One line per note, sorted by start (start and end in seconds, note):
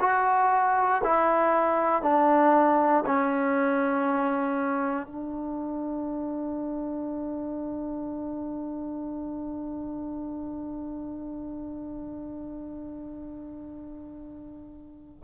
0.00 1.02 F#4
1.04 2.02 E4
2.02 3.04 D4
3.06 5.07 C#4
5.07 15.24 D4